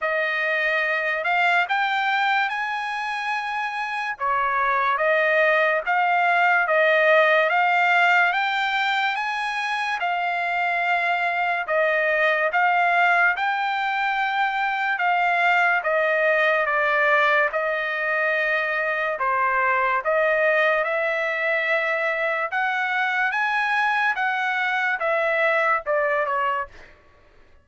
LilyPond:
\new Staff \with { instrumentName = "trumpet" } { \time 4/4 \tempo 4 = 72 dis''4. f''8 g''4 gis''4~ | gis''4 cis''4 dis''4 f''4 | dis''4 f''4 g''4 gis''4 | f''2 dis''4 f''4 |
g''2 f''4 dis''4 | d''4 dis''2 c''4 | dis''4 e''2 fis''4 | gis''4 fis''4 e''4 d''8 cis''8 | }